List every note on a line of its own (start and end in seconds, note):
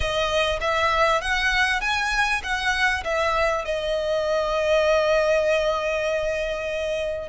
0.00 0.59 D#5
0.60 1.21 E5
1.21 1.80 F#5
1.80 2.41 G#5
2.43 3.03 F#5
3.04 3.64 E5
3.64 7.28 D#5